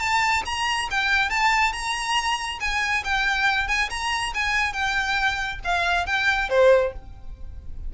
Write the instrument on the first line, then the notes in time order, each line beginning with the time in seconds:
violin
0.00 A5
0.46 A#5
0.91 G5
1.30 A5
1.73 A#5
2.61 G#5
3.05 G5
3.68 G#5
3.90 A#5
4.35 G#5
4.73 G5
5.64 F5
6.06 G5
6.50 C5